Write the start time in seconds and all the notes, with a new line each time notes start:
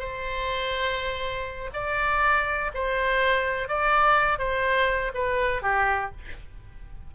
0.00 C5
1.74 D5
2.75 C5
3.69 D5
4.39 C5
5.15 B4
5.63 G4